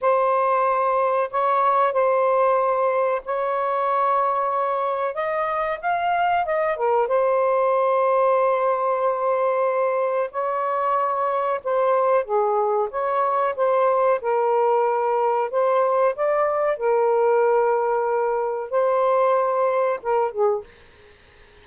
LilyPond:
\new Staff \with { instrumentName = "saxophone" } { \time 4/4 \tempo 4 = 93 c''2 cis''4 c''4~ | c''4 cis''2. | dis''4 f''4 dis''8 ais'8 c''4~ | c''1 |
cis''2 c''4 gis'4 | cis''4 c''4 ais'2 | c''4 d''4 ais'2~ | ais'4 c''2 ais'8 gis'8 | }